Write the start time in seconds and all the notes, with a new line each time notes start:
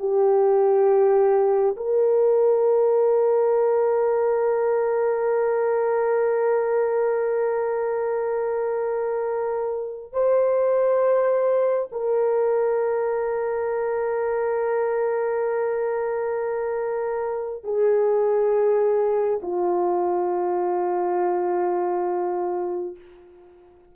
0.00 G4
1.77 A#4
10.13 C5
11.92 A#4
17.64 G#4
19.43 F4